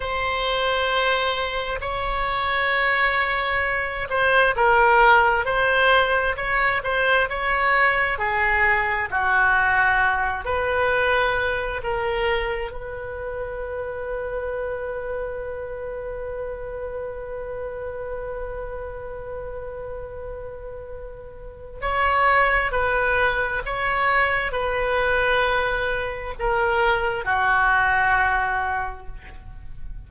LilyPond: \new Staff \with { instrumentName = "oboe" } { \time 4/4 \tempo 4 = 66 c''2 cis''2~ | cis''8 c''8 ais'4 c''4 cis''8 c''8 | cis''4 gis'4 fis'4. b'8~ | b'4 ais'4 b'2~ |
b'1~ | b'1 | cis''4 b'4 cis''4 b'4~ | b'4 ais'4 fis'2 | }